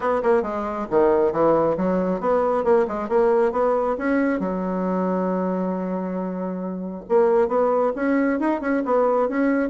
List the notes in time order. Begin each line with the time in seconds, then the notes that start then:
0.00 B3
0.22 A#3
0.42 G#3
0.90 D#3
1.32 E3
1.77 F#3
2.20 B3
2.64 A#3
2.87 G#3
3.08 A#3
3.52 B3
3.98 C#4
4.39 F#3
7.08 A#3
7.48 B3
7.95 C#4
8.39 D#4
8.60 C#4
8.85 B3
9.28 C#4